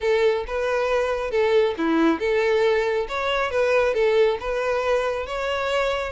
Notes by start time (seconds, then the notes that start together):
0.00 A4
0.47 B4
1.30 A4
1.77 E4
2.19 A4
3.08 C#5
3.50 B4
3.94 A4
4.40 B4
5.26 C#5